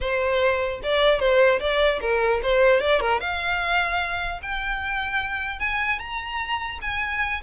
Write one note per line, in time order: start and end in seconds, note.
0.01 0.81 C5
0.83 1.19 D5
1.19 1.59 C5
1.59 1.99 D5
2.00 2.40 A#4
2.42 2.80 C5
2.80 3.00 D5
3.00 3.20 A#4
3.20 4.40 F5
4.42 5.59 G5
5.59 5.99 G#5
5.99 6.79 A#5
6.81 7.41 G#5